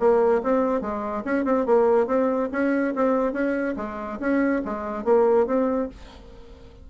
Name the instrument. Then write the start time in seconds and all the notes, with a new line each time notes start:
bassoon
0.00 A#3
0.44 C4
0.82 G#3
1.25 C#4
1.45 C4
1.67 A#3
2.07 C4
2.53 C#4
2.96 C4
3.33 C#4
3.77 G#3
4.20 C#4
4.65 G#3
5.05 A#3
5.47 C4